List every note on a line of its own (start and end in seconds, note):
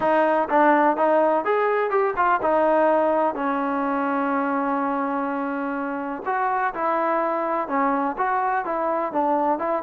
0.00 0.48 D#4
0.49 0.96 D4
0.96 1.44 D#4
1.44 1.90 G#4
1.90 2.14 G4
2.16 2.40 F4
2.42 3.34 D#4
3.34 6.22 C#4
6.25 6.73 F#4
6.74 7.68 E4
7.68 8.16 C#4
8.17 8.65 F#4
8.65 9.12 E4
9.12 9.59 D4
9.59 9.82 E4